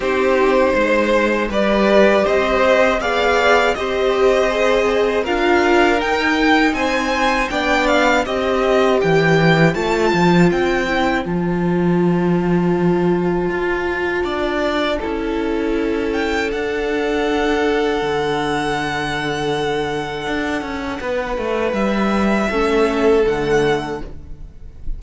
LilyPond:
<<
  \new Staff \with { instrumentName = "violin" } { \time 4/4 \tempo 4 = 80 c''2 d''4 dis''4 | f''4 dis''2 f''4 | g''4 gis''4 g''8 f''8 dis''4 | g''4 a''4 g''4 a''4~ |
a''1~ | a''4. g''8 fis''2~ | fis''1~ | fis''4 e''2 fis''4 | }
  \new Staff \with { instrumentName = "violin" } { \time 4/4 g'4 c''4 b'4 c''4 | d''4 c''2 ais'4~ | ais'4 c''4 d''4 c''4~ | c''1~ |
c''2. d''4 | a'1~ | a'1 | b'2 a'2 | }
  \new Staff \with { instrumentName = "viola" } { \time 4/4 dis'2 g'2 | gis'4 g'4 gis'4 f'4 | dis'2 d'4 g'4~ | g'4 f'4. e'8 f'4~ |
f'1 | e'2 d'2~ | d'1~ | d'2 cis'4 a4 | }
  \new Staff \with { instrumentName = "cello" } { \time 4/4 c'4 gis4 g4 c'4 | b4 c'2 d'4 | dis'4 c'4 b4 c'4 | e4 a8 f8 c'4 f4~ |
f2 f'4 d'4 | cis'2 d'2 | d2. d'8 cis'8 | b8 a8 g4 a4 d4 | }
>>